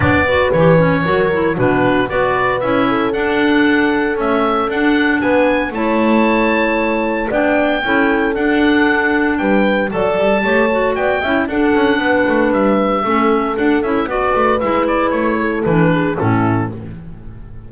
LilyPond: <<
  \new Staff \with { instrumentName = "oboe" } { \time 4/4 \tempo 4 = 115 d''4 cis''2 b'4 | d''4 e''4 fis''2 | e''4 fis''4 gis''4 a''4~ | a''2 g''2 |
fis''2 g''4 a''4~ | a''4 g''4 fis''2 | e''2 fis''8 e''8 d''4 | e''8 d''8 cis''4 b'4 a'4 | }
  \new Staff \with { instrumentName = "horn" } { \time 4/4 cis''8 b'4. ais'4 fis'4 | b'4. a'2~ a'8~ | a'2 b'4 cis''4~ | cis''2 d''4 a'4~ |
a'2 b'4 d''4 | cis''4 d''8 e''8 a'4 b'4~ | b'4 a'2 b'4~ | b'4. a'4 gis'8 e'4 | }
  \new Staff \with { instrumentName = "clarinet" } { \time 4/4 d'8 fis'8 g'8 cis'8 fis'8 e'8 d'4 | fis'4 e'4 d'2 | a4 d'2 e'4~ | e'2 d'4 e'4 |
d'2. a'4 | g'8 fis'4 e'8 d'2~ | d'4 cis'4 d'8 e'8 fis'4 | e'2 d'4 cis'4 | }
  \new Staff \with { instrumentName = "double bass" } { \time 4/4 b4 e4 fis4 b,4 | b4 cis'4 d'2 | cis'4 d'4 b4 a4~ | a2 b4 cis'4 |
d'2 g4 fis8 g8 | a4 b8 cis'8 d'8 cis'8 b8 a8 | g4 a4 d'8 cis'8 b8 a8 | gis4 a4 e4 a,4 | }
>>